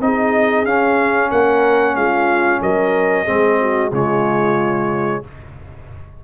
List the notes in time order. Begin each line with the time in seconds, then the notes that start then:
0.00 C4 D#4 G#4 D#5
0.65 C#4 F5
1.30 A#3 A#4 F#5
1.95 G#3 F4 F5
2.60 F#3 A#4 D#5
3.24 G#3 C4 G#4
3.60 F#4
3.91 C#3 G#3 F4 C#5